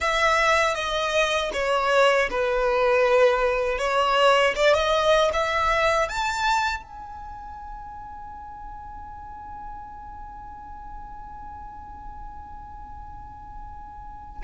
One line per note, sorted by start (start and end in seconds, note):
0.00 0.75 E5
0.75 1.51 D#5
1.53 2.29 C#5
2.30 3.78 B4
3.78 4.54 C#5
4.55 4.74 D5
4.74 5.31 D#5
5.33 6.08 E5
6.08 6.83 A5
6.83 14.42 G#5